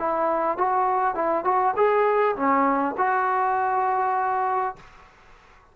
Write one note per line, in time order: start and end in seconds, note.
0.00 0.58 E4
0.58 1.16 F#4
1.16 1.45 E4
1.45 1.75 F#4
1.77 2.36 G#4
2.36 2.96 C#4
2.98 4.76 F#4